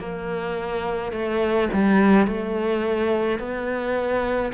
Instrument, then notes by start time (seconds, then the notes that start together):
cello
0.00 A#3
1.12 A3
1.73 G3
2.27 A3
3.40 B3